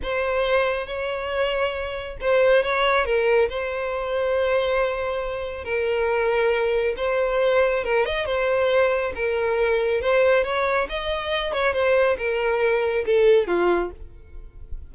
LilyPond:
\new Staff \with { instrumentName = "violin" } { \time 4/4 \tempo 4 = 138 c''2 cis''2~ | cis''4 c''4 cis''4 ais'4 | c''1~ | c''4 ais'2. |
c''2 ais'8 dis''8 c''4~ | c''4 ais'2 c''4 | cis''4 dis''4. cis''8 c''4 | ais'2 a'4 f'4 | }